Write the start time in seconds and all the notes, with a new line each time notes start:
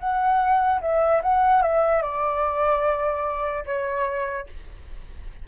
0.00 F#5
0.81 E5
1.23 F#5
1.63 E5
2.02 D5
3.66 C#5